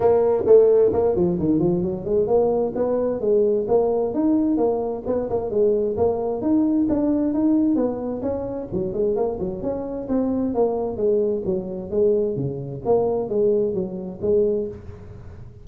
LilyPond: \new Staff \with { instrumentName = "tuba" } { \time 4/4 \tempo 4 = 131 ais4 a4 ais8 f8 dis8 f8 | fis8 gis8 ais4 b4 gis4 | ais4 dis'4 ais4 b8 ais8 | gis4 ais4 dis'4 d'4 |
dis'4 b4 cis'4 fis8 gis8 | ais8 fis8 cis'4 c'4 ais4 | gis4 fis4 gis4 cis4 | ais4 gis4 fis4 gis4 | }